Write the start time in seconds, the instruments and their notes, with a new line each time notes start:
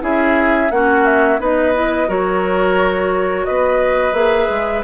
0.00 bassoon C#4, clarinet E4, oboe G#4, flute E5
0.70 bassoon A#3, clarinet C#4, oboe F#4, flute F#5
1.05 flute E5
1.39 bassoon B3, clarinet D#4, oboe B4, flute D#5
1.74 clarinet E4
2.07 bassoon F#3, clarinet F#4, oboe A#4, flute C#5
3.45 bassoon B3, oboe B4, flute D#5
4.12 bassoon A#3, clarinet G#4, flute E5
4.49 bassoon G#3